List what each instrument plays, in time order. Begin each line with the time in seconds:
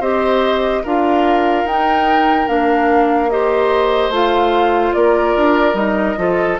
0.00 bassoon C4, clarinet G4, oboe C5, flute D#5
0.83 bassoon D4, clarinet F4, oboe A#4, flute F5
1.64 bassoon D#4, clarinet D#4, flute G5
2.47 bassoon A#3, clarinet D4, flute F5
3.30 clarinet G4, oboe C5, flute D#5
4.09 bassoon A3, clarinet F4, flute F5
4.93 bassoon A#3, oboe A#4, flute D5
5.36 bassoon D4
5.74 bassoon G3, clarinet D#4, flute D#5
6.17 bassoon F3, clarinet F4, oboe A4